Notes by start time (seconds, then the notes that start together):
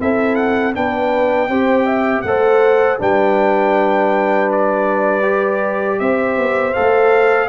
0.00 C4 E4 A4 E5
0.36 F#5
0.75 B3 D4 B4 G5
1.49 C4 G4 C5
1.86 E5
2.22 A3 A4 C5 F#5
2.99 G3 D4 B4 G5
4.52 D5
5.23 G4
6.00 C4 C5 E5
6.38 B3
6.74 A3 A4 F5